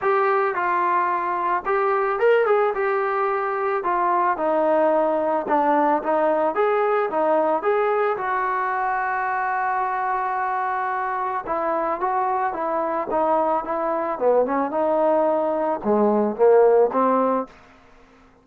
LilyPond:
\new Staff \with { instrumentName = "trombone" } { \time 4/4 \tempo 4 = 110 g'4 f'2 g'4 | ais'8 gis'8 g'2 f'4 | dis'2 d'4 dis'4 | gis'4 dis'4 gis'4 fis'4~ |
fis'1~ | fis'4 e'4 fis'4 e'4 | dis'4 e'4 b8 cis'8 dis'4~ | dis'4 gis4 ais4 c'4 | }